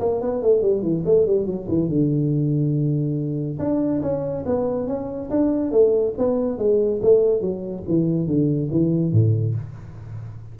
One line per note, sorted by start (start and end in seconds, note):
0.00 0.21 A#3
0.21 0.42 B3
0.42 0.62 A3
0.62 0.82 G3
0.82 1.04 E3
1.06 1.26 A3
1.26 1.46 G3
1.46 1.68 F#3
1.68 1.89 E3
1.89 3.59 D3
3.59 4.02 D4
4.02 4.45 C#4
4.46 4.88 B3
4.88 5.30 C#4
5.30 5.71 D4
5.71 6.14 A3
6.18 6.58 B3
6.58 7.01 G#3
7.02 7.41 A3
7.41 7.84 F#3
7.88 8.27 E3
8.27 8.70 D3
8.71 9.12 E3
9.12 9.55 A2